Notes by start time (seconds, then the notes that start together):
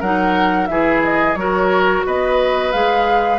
0.00 F#3 D#4 A#4 F#5
0.66 E3 E4 G#4 E5
1.03 D#5
1.35 F#3 F#4 A#4 C#5
2.06 B3 B4 D#5
2.72 G#3 G#4 F5